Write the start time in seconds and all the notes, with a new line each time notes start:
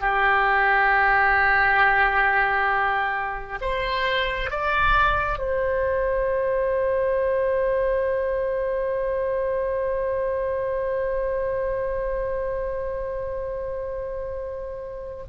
0.00 G4
3.61 C5
4.50 D5
5.38 C5